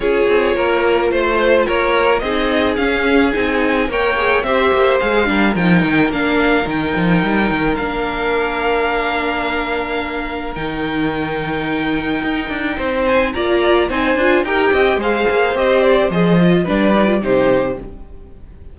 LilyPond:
<<
  \new Staff \with { instrumentName = "violin" } { \time 4/4 \tempo 4 = 108 cis''2 c''4 cis''4 | dis''4 f''4 gis''4 g''4 | e''4 f''4 g''4 f''4 | g''2 f''2~ |
f''2. g''4~ | g''2.~ g''8 gis''8 | ais''4 gis''4 g''4 f''4 | dis''8 d''8 dis''4 d''4 c''4 | }
  \new Staff \with { instrumentName = "violin" } { \time 4/4 gis'4 ais'4 c''4 ais'4 | gis'2. cis''4 | c''4. ais'2~ ais'8~ | ais'1~ |
ais'1~ | ais'2. c''4 | d''4 c''4 ais'8 dis''8 c''4~ | c''2 b'4 g'4 | }
  \new Staff \with { instrumentName = "viola" } { \time 4/4 f'1 | dis'4 cis'4 dis'4 ais'8 gis'8 | g'4 gis'8 d'8 dis'4 d'4 | dis'2 d'2~ |
d'2. dis'4~ | dis'1 | f'4 dis'8 f'8 g'4 gis'4 | g'4 gis'8 f'8 d'8 dis'16 f'16 dis'4 | }
  \new Staff \with { instrumentName = "cello" } { \time 4/4 cis'8 c'8 ais4 a4 ais4 | c'4 cis'4 c'4 ais4 | c'8 ais8 gis8 g8 f8 dis8 ais4 | dis8 f8 g8 dis8 ais2~ |
ais2. dis4~ | dis2 dis'8 d'8 c'4 | ais4 c'8 d'8 dis'8 c'8 gis8 ais8 | c'4 f4 g4 c4 | }
>>